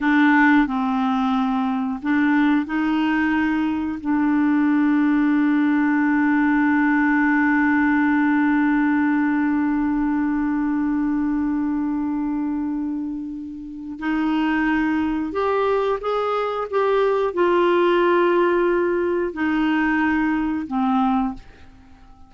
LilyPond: \new Staff \with { instrumentName = "clarinet" } { \time 4/4 \tempo 4 = 90 d'4 c'2 d'4 | dis'2 d'2~ | d'1~ | d'1~ |
d'1~ | d'4 dis'2 g'4 | gis'4 g'4 f'2~ | f'4 dis'2 c'4 | }